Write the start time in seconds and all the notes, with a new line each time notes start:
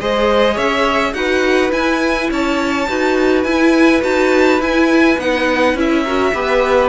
0.00 G#3 G#4 C5 D#5
0.55 C#4 C#5 E5
1.14 D#4 F#4 B4 F#5
1.71 E4 G#5
2.31 C#4 C#5 A5
2.89 D#4 F#4 B4
3.44 E4 G#5
4.03 D#4 F#4 A5
4.60 E4 G#5
5.18 B3 D#4 F#5
5.75 C#4 E4 E5
6.03 F#4 A#4
6.34 B3 G4 B4